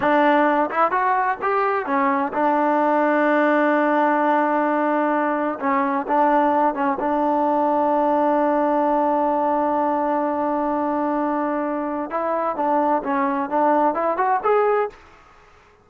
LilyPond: \new Staff \with { instrumentName = "trombone" } { \time 4/4 \tempo 4 = 129 d'4. e'8 fis'4 g'4 | cis'4 d'2.~ | d'1 | cis'4 d'4. cis'8 d'4~ |
d'1~ | d'1~ | d'2 e'4 d'4 | cis'4 d'4 e'8 fis'8 gis'4 | }